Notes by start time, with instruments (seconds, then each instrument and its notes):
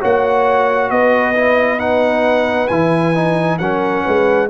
0.00 tuba A#3, trombone F#4, horn C#5, trumpet F#5
0.90 tuba B3, horn B4, trumpet D#5
1.35 trombone E4
1.79 trombone D#4, trumpet F#5
2.68 tuba E3, trombone E4, trumpet G#5
3.15 trombone D#4
3.58 tuba F#3, trombone C#4, horn A#4, trumpet F#5
4.04 tuba G#3, horn B4